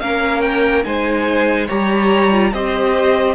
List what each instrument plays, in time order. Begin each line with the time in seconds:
0.00 cello A#3, viola C#4, violin A#4 F5
0.41 violin G5
0.84 cello G#3, viola D#4, violin C5 G#5
1.67 cello G3, viola G4, violin C#5 A#5
2.32 viola F4
2.53 cello C4, viola G4, violin C5 D#5